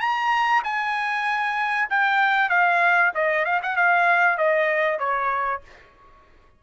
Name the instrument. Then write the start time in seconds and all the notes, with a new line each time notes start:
trumpet
0.00 A#5
0.63 G#5
1.90 G5
2.49 F5
3.14 D#5
3.45 F5
3.62 F#5
3.76 F5
4.38 D#5
4.99 C#5